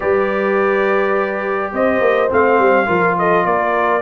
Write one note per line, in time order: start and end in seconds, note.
0.00 1.72 G3
0.00 2.28 G4
0.00 1.72 B4
0.00 1.73 D5
1.72 2.00 C4
1.72 2.87 C5
1.72 2.31 D#5
2.00 2.29 A#3
2.30 2.58 A3
2.30 2.86 C4
2.30 3.18 F5
2.58 2.87 G3
2.86 3.45 F3
2.86 4.01 F4
2.86 3.16 A#4
3.18 3.47 A4
3.18 3.46 D#5
3.45 4.02 A#3
3.45 4.02 A#4
3.45 4.02 D5